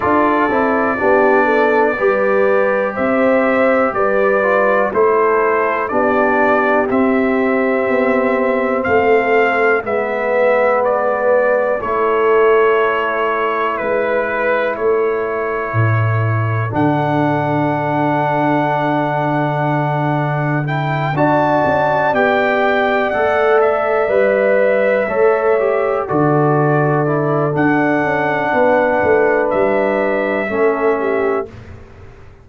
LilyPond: <<
  \new Staff \with { instrumentName = "trumpet" } { \time 4/4 \tempo 4 = 61 d''2. e''4 | d''4 c''4 d''4 e''4~ | e''4 f''4 e''4 d''4 | cis''2 b'4 cis''4~ |
cis''4 fis''2.~ | fis''4 g''8 a''4 g''4 fis''8 | e''2~ e''8 d''4. | fis''2 e''2 | }
  \new Staff \with { instrumentName = "horn" } { \time 4/4 a'4 g'8 a'8 b'4 c''4 | b'4 a'4 g'2~ | g'4 a'4 b'2 | a'2 b'4 a'4~ |
a'1~ | a'4. d''2~ d''8~ | d''4. cis''4 a'4.~ | a'4 b'2 a'8 g'8 | }
  \new Staff \with { instrumentName = "trombone" } { \time 4/4 f'8 e'8 d'4 g'2~ | g'8 f'8 e'4 d'4 c'4~ | c'2 b2 | e'1~ |
e'4 d'2.~ | d'4 e'8 fis'4 g'4 a'8~ | a'8 b'4 a'8 g'8 fis'4 e'8 | d'2. cis'4 | }
  \new Staff \with { instrumentName = "tuba" } { \time 4/4 d'8 c'8 b4 g4 c'4 | g4 a4 b4 c'4 | b4 a4 gis2 | a2 gis4 a4 |
a,4 d2.~ | d4. d'8 cis'8 b4 a8~ | a8 g4 a4 d4. | d'8 cis'8 b8 a8 g4 a4 | }
>>